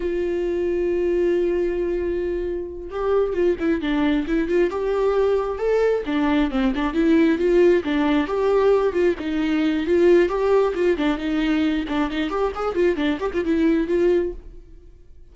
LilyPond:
\new Staff \with { instrumentName = "viola" } { \time 4/4 \tempo 4 = 134 f'1~ | f'2~ f'8 g'4 f'8 | e'8 d'4 e'8 f'8 g'4.~ | g'8 a'4 d'4 c'8 d'8 e'8~ |
e'8 f'4 d'4 g'4. | f'8 dis'4. f'4 g'4 | f'8 d'8 dis'4. d'8 dis'8 g'8 | gis'8 f'8 d'8 g'16 f'16 e'4 f'4 | }